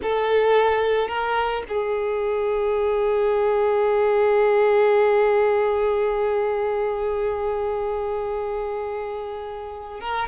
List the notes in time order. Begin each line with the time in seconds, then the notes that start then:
0.02 A4
1.07 A#4
1.68 G#4
10.00 A#4